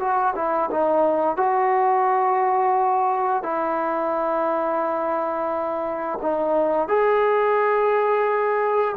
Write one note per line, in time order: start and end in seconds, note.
0.00 0.34 F#4
0.36 0.70 E4
0.71 1.37 D#4
1.37 3.44 F#4
3.44 6.19 E4
6.22 6.89 D#4
6.89 8.96 G#4